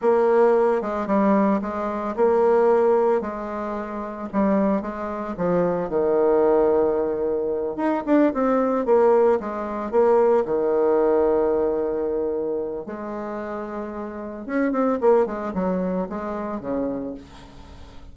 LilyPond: \new Staff \with { instrumentName = "bassoon" } { \time 4/4 \tempo 4 = 112 ais4. gis8 g4 gis4 | ais2 gis2 | g4 gis4 f4 dis4~ | dis2~ dis8 dis'8 d'8 c'8~ |
c'8 ais4 gis4 ais4 dis8~ | dis1 | gis2. cis'8 c'8 | ais8 gis8 fis4 gis4 cis4 | }